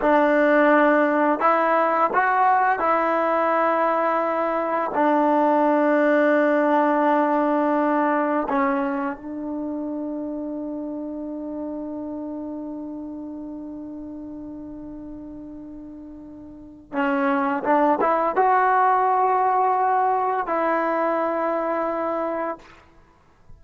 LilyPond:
\new Staff \with { instrumentName = "trombone" } { \time 4/4 \tempo 4 = 85 d'2 e'4 fis'4 | e'2. d'4~ | d'1 | cis'4 d'2.~ |
d'1~ | d'1 | cis'4 d'8 e'8 fis'2~ | fis'4 e'2. | }